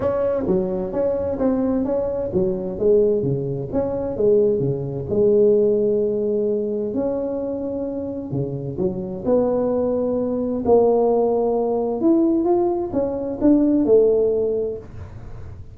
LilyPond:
\new Staff \with { instrumentName = "tuba" } { \time 4/4 \tempo 4 = 130 cis'4 fis4 cis'4 c'4 | cis'4 fis4 gis4 cis4 | cis'4 gis4 cis4 gis4~ | gis2. cis'4~ |
cis'2 cis4 fis4 | b2. ais4~ | ais2 e'4 f'4 | cis'4 d'4 a2 | }